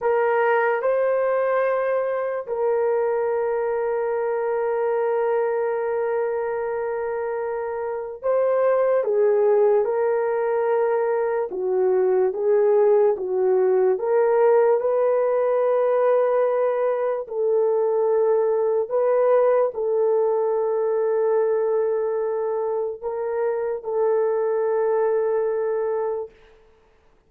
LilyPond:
\new Staff \with { instrumentName = "horn" } { \time 4/4 \tempo 4 = 73 ais'4 c''2 ais'4~ | ais'1~ | ais'2 c''4 gis'4 | ais'2 fis'4 gis'4 |
fis'4 ais'4 b'2~ | b'4 a'2 b'4 | a'1 | ais'4 a'2. | }